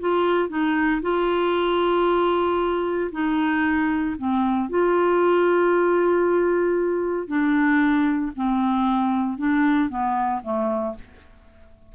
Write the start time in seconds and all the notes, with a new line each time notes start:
0.00 F4
0.49 D#4
1.02 F4
3.12 D#4
4.18 C4
4.69 F4
7.28 D4
8.35 C4
9.38 D4
9.89 B3
10.43 A3